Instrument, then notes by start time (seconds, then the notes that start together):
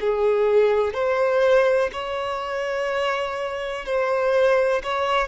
violin
0.00 G#4
0.93 C5
1.92 C#5
3.85 C5
4.83 C#5